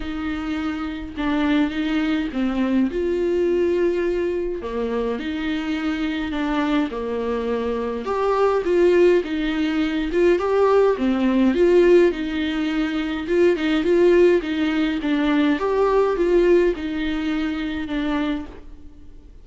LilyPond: \new Staff \with { instrumentName = "viola" } { \time 4/4 \tempo 4 = 104 dis'2 d'4 dis'4 | c'4 f'2. | ais4 dis'2 d'4 | ais2 g'4 f'4 |
dis'4. f'8 g'4 c'4 | f'4 dis'2 f'8 dis'8 | f'4 dis'4 d'4 g'4 | f'4 dis'2 d'4 | }